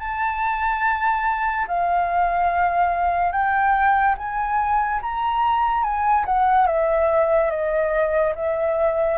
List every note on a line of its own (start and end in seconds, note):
0.00 1.67 A5
1.68 3.32 F5
3.32 4.16 G5
4.18 5.01 G#5
5.03 5.84 A#5
5.84 6.25 G#5
6.26 6.67 F#5
6.67 7.51 E5
7.51 8.34 D#5
8.36 9.19 E5